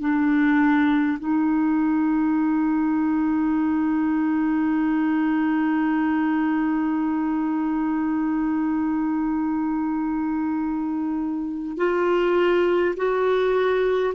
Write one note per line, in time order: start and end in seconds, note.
0.00 1.18 D4
1.19 11.77 D#4
11.77 12.95 F4
12.96 14.14 F#4